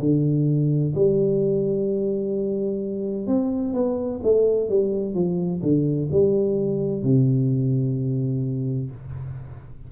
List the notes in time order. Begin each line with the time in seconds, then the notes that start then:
0.00 D3
0.95 G3
3.27 C4
3.74 B3
4.23 A3
4.70 G3
5.14 F3
5.62 D3
6.12 G3
7.03 C3